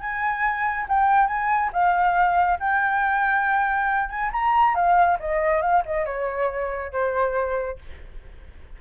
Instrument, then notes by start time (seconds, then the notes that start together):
flute
0.00 G#5
0.88 G5
1.27 G#5
1.73 F5
2.60 G5
4.09 G#5
4.32 A#5
4.75 F5
5.20 D#5
5.62 F5
5.85 D#5
6.05 C#5
6.92 C5